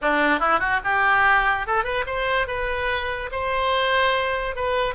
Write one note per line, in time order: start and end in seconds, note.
0.01 0.39 D4
0.39 0.59 E4
0.59 0.80 F#4
0.84 1.66 G4
1.66 1.84 A4
1.84 2.04 B4
2.06 2.47 C5
2.47 3.30 B4
3.31 4.55 C5
4.55 4.94 B4